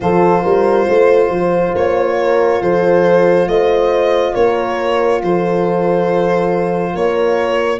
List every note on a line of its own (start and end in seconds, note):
0.00 0.44 F3
0.00 7.79 F4
0.00 0.43 A4
0.00 1.74 C5
0.43 0.88 G3
0.43 0.86 A#4
0.87 1.29 A3
0.87 2.18 C5
1.29 1.72 F3
1.74 2.61 A#3
1.74 2.62 C#5
2.18 2.61 A#4
2.61 3.47 F3
2.61 3.48 A4
2.61 3.48 C5
3.47 4.34 A3
3.47 4.34 C5
3.47 4.34 D#5
4.34 5.22 A#3
4.34 5.21 A#4
4.34 5.21 C#5
5.22 6.95 F3
5.22 6.92 A4
5.22 6.95 C5
6.92 7.79 A#3
6.92 7.79 A#4
6.92 7.79 C#5